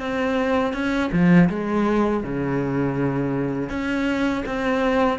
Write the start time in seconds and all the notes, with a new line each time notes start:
0.00 C4
0.73 C#4
1.12 F3
1.49 G#3
2.24 C#3
3.70 C#4
4.46 C4